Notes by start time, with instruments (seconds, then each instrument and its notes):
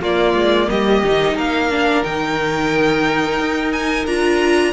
0.00 cello A#3, viola A#3, violin F4 D5
0.34 cello G#3
0.70 cello G3, violin G4 D#5
1.04 cello D#3, viola D#4
1.35 cello A#3, violin A#4 F5
1.71 viola D4
2.04 cello D#3, viola D#4, violin G5
3.39 cello D#4
3.72 violin G#5
4.06 cello D4, viola F4, violin A#5